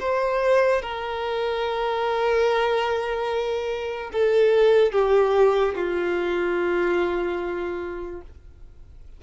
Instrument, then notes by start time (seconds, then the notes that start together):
violin
0.00 C5
0.82 A#4
4.12 A4
4.92 G4
5.75 F4